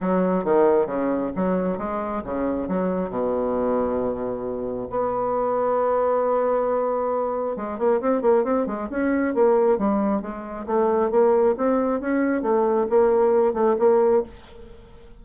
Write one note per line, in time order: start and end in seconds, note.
0.00 0.44 F#3
0.44 0.86 D#3
0.86 1.31 C#3
1.35 1.78 F#3
1.78 2.22 G#3
2.24 2.68 C#3
2.68 3.09 F#3
3.09 4.87 B2
4.90 7.56 B3
7.56 7.78 G#3
7.78 8.00 A#3
8.01 8.21 C4
8.21 8.44 A#3
8.44 8.66 C4
8.66 8.88 G#3
8.90 9.34 C#4
9.34 9.78 A#3
9.78 10.21 G3
10.21 10.65 G#3
10.66 11.10 A3
11.10 11.55 A#3
11.57 12.00 C4
12.00 12.42 C#4
12.42 12.86 A3
12.89 13.53 A#3
13.53 13.76 A3
13.78 14.23 A#3